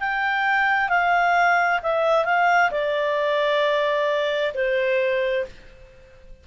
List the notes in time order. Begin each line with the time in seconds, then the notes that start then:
0.00 G5
0.89 F5
1.83 E5
2.25 F5
2.71 D5
4.54 C5